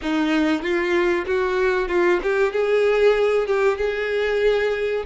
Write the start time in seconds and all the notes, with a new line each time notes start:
0.02 D#4
0.62 F4
1.26 F#4
1.88 F4
2.22 G4
2.52 G#4
3.47 G4
3.77 G#4